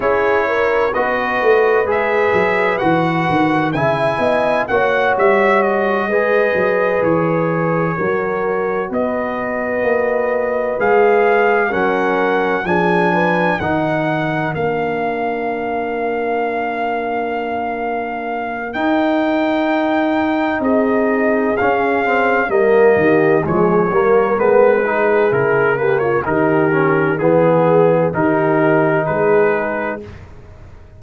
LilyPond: <<
  \new Staff \with { instrumentName = "trumpet" } { \time 4/4 \tempo 4 = 64 cis''4 dis''4 e''4 fis''4 | gis''4 fis''8 e''8 dis''4. cis''8~ | cis''4. dis''2 f''8~ | f''8 fis''4 gis''4 fis''4 f''8~ |
f''1 | g''2 dis''4 f''4 | dis''4 cis''4 b'4 ais'8 b'16 cis''16 | ais'4 gis'4 ais'4 b'4 | }
  \new Staff \with { instrumentName = "horn" } { \time 4/4 gis'8 ais'8 b'2. | e''8 dis''8 cis''4. b'4.~ | b'8 ais'4 b'2~ b'8~ | b'8 ais'4 gis'8 b'8 ais'4.~ |
ais'1~ | ais'2 gis'2 | ais'8 g'8 gis'8 ais'4 gis'4 g'16 f'16 | g'4 gis'4 g'4 gis'4 | }
  \new Staff \with { instrumentName = "trombone" } { \time 4/4 e'4 fis'4 gis'4 fis'4 | e'4 fis'4. gis'4.~ | gis'8 fis'2. gis'8~ | gis'8 cis'4 d'4 dis'4 d'8~ |
d'1 | dis'2. cis'8 c'8 | ais4 gis8 ais8 b8 dis'8 e'8 ais8 | dis'8 cis'8 b4 dis'2 | }
  \new Staff \with { instrumentName = "tuba" } { \time 4/4 cis'4 b8 a8 gis8 fis8 e8 dis8 | cis8 b8 ais8 g4 gis8 fis8 e8~ | e8 fis4 b4 ais4 gis8~ | gis8 fis4 f4 dis4 ais8~ |
ais1 | dis'2 c'4 cis'4 | g8 dis8 f8 g8 gis4 cis4 | dis4 e4 dis4 gis4 | }
>>